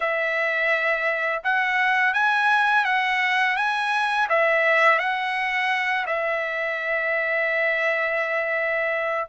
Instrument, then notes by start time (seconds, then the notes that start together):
trumpet
0.00 E5
1.43 F#5
2.13 G#5
2.84 F#5
3.56 G#5
4.29 E5
4.98 F#5
6.06 E5